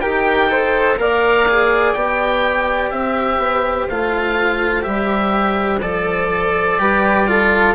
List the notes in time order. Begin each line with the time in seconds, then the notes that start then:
0.00 D#4 G4 A#4 G5
0.49 A4 C5
0.97 A#3 A#4 D5 F5
1.48 G#4
1.93 B3 G4 G5
2.90 C4 C5 E5
3.37 B3
3.89 A3 F4 F5
4.81 G3 G4 E5
5.81 F3 A4 D5
6.78 G3 G4 B4
7.27 F4 A4